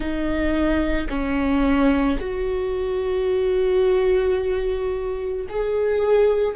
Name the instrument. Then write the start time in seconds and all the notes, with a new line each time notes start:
viola
0.00 D#4
1.09 C#4
2.19 F#4
5.49 G#4